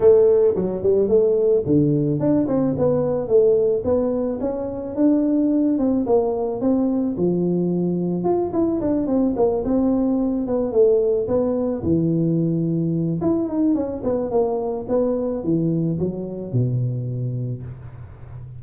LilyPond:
\new Staff \with { instrumentName = "tuba" } { \time 4/4 \tempo 4 = 109 a4 fis8 g8 a4 d4 | d'8 c'8 b4 a4 b4 | cis'4 d'4. c'8 ais4 | c'4 f2 f'8 e'8 |
d'8 c'8 ais8 c'4. b8 a8~ | a8 b4 e2~ e8 | e'8 dis'8 cis'8 b8 ais4 b4 | e4 fis4 b,2 | }